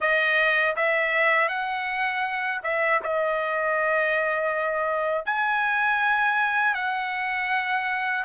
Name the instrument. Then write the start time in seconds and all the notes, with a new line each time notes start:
trumpet
0.00 D#5
0.76 E5
1.48 F#5
2.62 E5
3.03 D#5
5.25 G#5
6.74 F#5